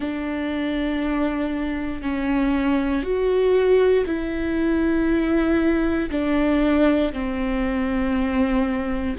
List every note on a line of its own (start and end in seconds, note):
0.00 2.01 D4
2.01 3.02 C#4
3.02 4.04 F#4
4.06 6.10 E4
6.10 7.12 D4
7.12 9.16 C4